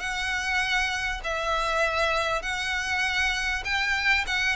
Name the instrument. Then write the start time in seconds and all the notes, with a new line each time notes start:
violin
0.00 F#5
1.24 E5
2.42 F#5
3.65 G5
4.27 F#5